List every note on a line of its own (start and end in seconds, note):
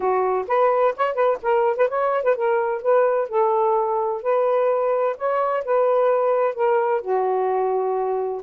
0.00 0.45 F#4
0.47 0.94 B4
0.96 1.14 C#5
1.14 1.37 B4
1.42 1.76 A#4
1.76 1.88 B4
1.88 2.23 C#5
2.23 2.35 B4
2.35 2.81 A#4
2.81 3.28 B4
3.29 4.22 A4
4.22 5.16 B4
5.17 5.64 C#5
5.64 6.54 B4
6.54 7.01 A#4
7.01 8.41 F#4